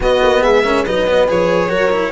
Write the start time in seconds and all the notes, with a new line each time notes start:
0.00 B3 F#4 D#5
0.22 A#3
0.41 G#3 G#4 E5
0.64 C#4 A#4
0.84 F#3 D#4 B4 D#5
1.07 B3
1.27 F3 G#4 C#5
1.68 F#3 F#4 A#4
1.91 E4